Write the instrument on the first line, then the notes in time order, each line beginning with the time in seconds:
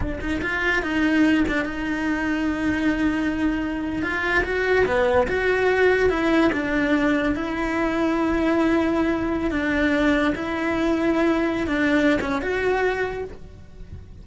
cello
0.00 D4
0.20 D#4
0.41 F4
0.82 D#4
1.47 D4
1.65 D#4
4.02 F4
4.44 F#4
4.85 B3
5.27 F#4
6.09 E4
6.52 D4
7.35 E4
9.50 D4
10.35 E4
11.67 D4
12.21 C#4
12.41 F#4